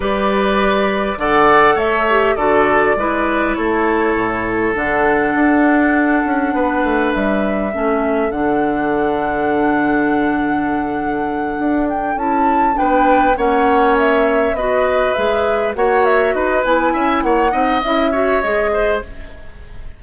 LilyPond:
<<
  \new Staff \with { instrumentName = "flute" } { \time 4/4 \tempo 4 = 101 d''2 fis''4 e''4 | d''2 cis''2 | fis''1 | e''2 fis''2~ |
fis''1 | g''8 a''4 g''4 fis''4 e''8~ | e''8 dis''4 e''4 fis''8 e''8 dis''8 | gis''4 fis''4 e''4 dis''4 | }
  \new Staff \with { instrumentName = "oboe" } { \time 4/4 b'2 d''4 cis''4 | a'4 b'4 a'2~ | a'2. b'4~ | b'4 a'2.~ |
a'1~ | a'4. b'4 cis''4.~ | cis''8 b'2 cis''4 b'8~ | b'8 e''8 cis''8 dis''4 cis''4 c''8 | }
  \new Staff \with { instrumentName = "clarinet" } { \time 4/4 g'2 a'4. g'8 | fis'4 e'2. | d'1~ | d'4 cis'4 d'2~ |
d'1~ | d'8 e'4 d'4 cis'4.~ | cis'8 fis'4 gis'4 fis'4. | e'4. dis'8 e'8 fis'8 gis'4 | }
  \new Staff \with { instrumentName = "bassoon" } { \time 4/4 g2 d4 a4 | d4 gis4 a4 a,4 | d4 d'4. cis'8 b8 a8 | g4 a4 d2~ |
d2.~ d8 d'8~ | d'8 cis'4 b4 ais4.~ | ais8 b4 gis4 ais4 dis'8 | b8 cis'8 ais8 c'8 cis'4 gis4 | }
>>